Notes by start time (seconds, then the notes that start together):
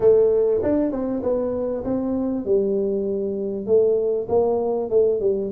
0.00 A3
0.62 D4
0.91 C4
1.22 B3
1.84 C4
2.45 G3
3.66 A3
4.29 A#3
4.90 A3
5.20 G3